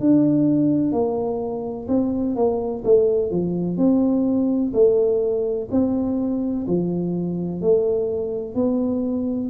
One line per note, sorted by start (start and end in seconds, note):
0.00 0.92 D4
0.92 1.87 A#3
1.88 2.35 C4
2.35 2.83 A#3
2.85 3.31 A3
3.31 3.77 F3
3.77 4.73 C4
4.73 5.68 A3
5.71 6.67 C4
6.68 7.61 F3
7.61 8.55 A3
8.55 9.50 B3